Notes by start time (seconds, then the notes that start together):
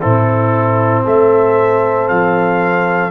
0.00 A2 C4 E4 A4
1.05 A3 A4 E5
2.09 F3 F5